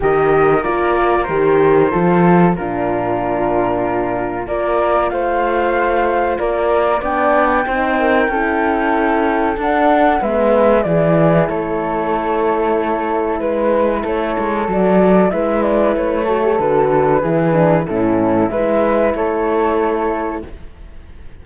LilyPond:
<<
  \new Staff \with { instrumentName = "flute" } { \time 4/4 \tempo 4 = 94 dis''4 d''4 c''2 | ais'2. d''4 | f''2 d''4 g''4~ | g''2. fis''4 |
e''4 d''4 cis''2~ | cis''4 b'4 cis''4 d''4 | e''8 d''8 cis''4 b'2 | a'4 e''4 cis''2 | }
  \new Staff \with { instrumentName = "flute" } { \time 4/4 ais'2. a'4 | f'2. ais'4 | c''2 ais'4 d''4 | c''8 ais'8 a'2. |
b'4 gis'4 a'2~ | a'4 b'4 a'2 | b'4. a'4. gis'4 | e'4 b'4 a'2 | }
  \new Staff \with { instrumentName = "horn" } { \time 4/4 g'4 f'4 g'4 f'4 | d'2. f'4~ | f'2. d'4 | dis'4 e'2 d'4 |
b4 e'2.~ | e'2. fis'4 | e'4. fis'16 g'16 fis'4 e'8 d'8 | cis'4 e'2. | }
  \new Staff \with { instrumentName = "cello" } { \time 4/4 dis4 ais4 dis4 f4 | ais,2. ais4 | a2 ais4 b4 | c'4 cis'2 d'4 |
gis4 e4 a2~ | a4 gis4 a8 gis8 fis4 | gis4 a4 d4 e4 | a,4 gis4 a2 | }
>>